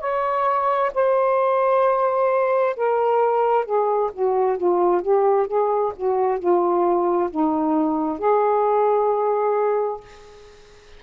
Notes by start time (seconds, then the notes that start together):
0.00 C#5
0.94 C5
2.76 A#4
3.65 G#4
4.13 F#4
4.57 F4
5.02 G4
5.47 G#4
5.96 F#4
6.39 F4
7.30 D#4
8.19 G#4